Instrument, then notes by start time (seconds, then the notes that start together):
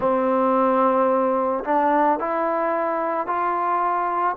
trombone
0.00 C4
1.64 D4
2.19 E4
3.26 F4